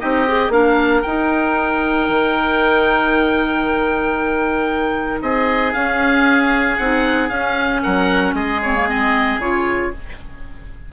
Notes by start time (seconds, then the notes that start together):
0.00 C4 D#4 G4 D#5
0.27 G#4
0.49 A#3 D4 A#4 F5
1.02 D#4 G5
2.09 D#3
5.22 C4 G#4 D#5
5.73 C#4 F5
6.77 C4 D#4 F#5
7.29 C#4 F5
7.83 F#3 A#4 F#5
8.33 G#3 G#4 D#5
8.63 C4 C#5
8.75 A#3
8.89 C4 D#5
9.39 C#3 F4 C#5